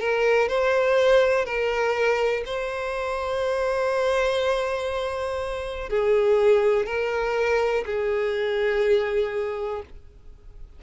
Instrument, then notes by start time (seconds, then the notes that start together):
violin
0.00 A#4
0.48 C5
1.45 A#4
2.45 C5
5.90 G#4
6.86 A#4
7.86 G#4